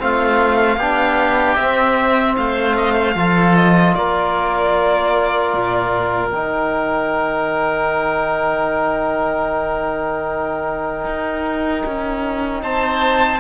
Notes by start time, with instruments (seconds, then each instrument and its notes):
0.00 cello A3, trombone C4, oboe F4, violin F5
0.77 cello B3, trombone D4, oboe G4
1.56 cello C4, trombone C4, violin E5
2.37 cello A3, oboe C5, violin F5
2.77 oboe D#5
2.94 oboe C5
3.15 cello F3, trombone F4, oboe A4
3.56 violin D#5
3.95 cello A#3, oboe A#4, violin D5
5.54 cello A#2
6.31 cello D#3, trombone D#4, violin G5
11.05 cello D#4
11.86 cello C#4
12.63 cello C4, oboe C5, violin A5